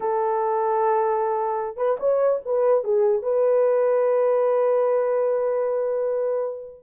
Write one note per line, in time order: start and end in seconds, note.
0.00 1.76 A4
1.76 1.97 B4
1.99 2.40 C#5
2.45 2.84 B4
2.84 3.22 G#4
3.22 6.83 B4